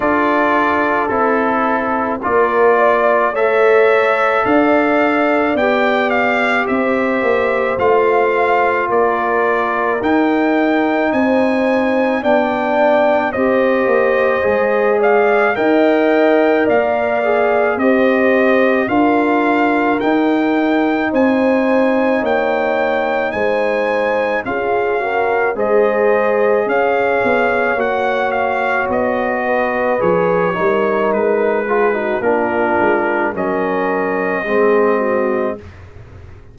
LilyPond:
<<
  \new Staff \with { instrumentName = "trumpet" } { \time 4/4 \tempo 4 = 54 d''4 a'4 d''4 e''4 | f''4 g''8 f''8 e''4 f''4 | d''4 g''4 gis''4 g''4 | dis''4. f''8 g''4 f''4 |
dis''4 f''4 g''4 gis''4 | g''4 gis''4 f''4 dis''4 | f''4 fis''8 f''8 dis''4 cis''4 | b'4 ais'4 dis''2 | }
  \new Staff \with { instrumentName = "horn" } { \time 4/4 a'2 ais'8 d''8 cis''4 | d''2 c''2 | ais'2 c''4 d''4 | c''4. d''8 dis''4 d''4 |
c''4 ais'2 c''4 | cis''4 c''4 gis'8 ais'8 c''4 | cis''2~ cis''8 b'4 ais'8~ | ais'8 gis'16 fis'16 f'4 ais'4 gis'8 fis'8 | }
  \new Staff \with { instrumentName = "trombone" } { \time 4/4 f'4 e'4 f'4 a'4~ | a'4 g'2 f'4~ | f'4 dis'2 d'4 | g'4 gis'4 ais'4. gis'8 |
g'4 f'4 dis'2~ | dis'2 f'8 fis'8 gis'4~ | gis'4 fis'2 gis'8 dis'8~ | dis'8 f'16 dis'16 d'4 cis'4 c'4 | }
  \new Staff \with { instrumentName = "tuba" } { \time 4/4 d'4 c'4 ais4 a4 | d'4 b4 c'8 ais8 a4 | ais4 dis'4 c'4 b4 | c'8 ais8 gis4 dis'4 ais4 |
c'4 d'4 dis'4 c'4 | ais4 gis4 cis'4 gis4 | cis'8 b8 ais4 b4 f8 g8 | gis4 ais8 gis8 fis4 gis4 | }
>>